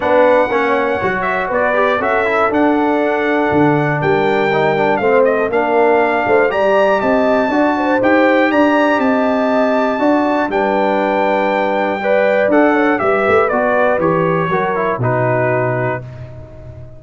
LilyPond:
<<
  \new Staff \with { instrumentName = "trumpet" } { \time 4/4 \tempo 4 = 120 fis''2~ fis''8 e''8 d''4 | e''4 fis''2. | g''2 f''8 dis''8 f''4~ | f''4 ais''4 a''2 |
g''4 ais''4 a''2~ | a''4 g''2.~ | g''4 fis''4 e''4 d''4 | cis''2 b'2 | }
  \new Staff \with { instrumentName = "horn" } { \time 4/4 b'4 cis''2 b'4 | a'1 | ais'2 c''8. a'16 ais'4~ | ais'8 c''8 d''4 dis''4 d''8 c''8~ |
c''4 d''4 dis''2 | d''4 b'2. | d''4. cis''8 b'2~ | b'4 ais'4 fis'2 | }
  \new Staff \with { instrumentName = "trombone" } { \time 4/4 d'4 cis'4 fis'4. g'8 | fis'8 e'8 d'2.~ | d'4 dis'8 d'8 c'4 d'4~ | d'4 g'2 fis'4 |
g'1 | fis'4 d'2. | b'4 a'4 g'4 fis'4 | g'4 fis'8 e'8 dis'2 | }
  \new Staff \with { instrumentName = "tuba" } { \time 4/4 b4 ais4 fis4 b4 | cis'4 d'2 d4 | g2 a4 ais4~ | ais8 a8 g4 c'4 d'4 |
dis'4 d'4 c'2 | d'4 g2.~ | g4 d'4 g8 a8 b4 | e4 fis4 b,2 | }
>>